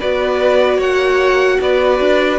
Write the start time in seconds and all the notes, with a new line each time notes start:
0.00 B3 F#4 B4 D5
0.77 A#3 C#5 F#5
1.61 B3 B4 D5
2.00 D4